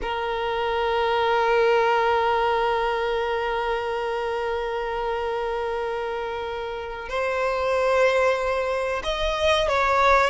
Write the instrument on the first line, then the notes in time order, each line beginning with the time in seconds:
violin
0.02 A#4
7.09 C5
9.03 D#5
9.68 C#5